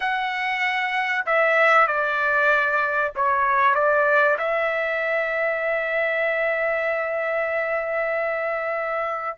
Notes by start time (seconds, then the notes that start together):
0.00 F#5
1.26 E5
1.87 D5
3.15 C#5
3.74 D5
4.38 E5